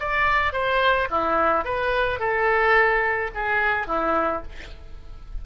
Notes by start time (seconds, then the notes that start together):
0.00 D5
0.53 C5
1.10 E4
1.65 B4
2.20 A4
3.35 G#4
3.87 E4